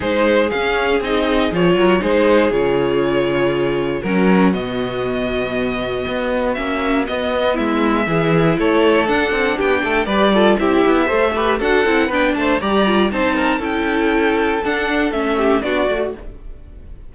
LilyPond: <<
  \new Staff \with { instrumentName = "violin" } { \time 4/4 \tempo 4 = 119 c''4 f''4 dis''4 cis''4 | c''4 cis''2. | ais'4 dis''2.~ | dis''4 e''4 dis''4 e''4~ |
e''4 cis''4 fis''4 g''4 | d''4 e''2 fis''4 | g''8 a''8 ais''4 a''4 g''4~ | g''4 fis''4 e''4 d''4 | }
  \new Staff \with { instrumentName = "violin" } { \time 4/4 gis'2.~ gis'8 ais'8 | gis'1 | fis'1~ | fis'2. e'4 |
gis'4 a'2 g'8 a'8 | b'8 a'8 g'4 c''8 b'8 a'4 | b'8 c''8 d''4 c''8 ais'8 a'4~ | a'2~ a'8 g'8 fis'4 | }
  \new Staff \with { instrumentName = "viola" } { \time 4/4 dis'4 cis'4 dis'4 f'4 | dis'4 f'2. | cis'4 b2.~ | b4 cis'4 b2 |
e'2 d'2 | g'8 f'8 e'4 a'8 g'8 fis'8 e'8 | d'4 g'8 f'8 dis'4 e'4~ | e'4 d'4 cis'4 d'8 fis'8 | }
  \new Staff \with { instrumentName = "cello" } { \time 4/4 gis4 cis'4 c'4 f8 fis8 | gis4 cis2. | fis4 b,2. | b4 ais4 b4 gis4 |
e4 a4 d'8 c'8 b8 a8 | g4 c'8 b8 a4 d'8 c'8 | b8 a8 g4 c'4 cis'4~ | cis'4 d'4 a4 b8 a8 | }
>>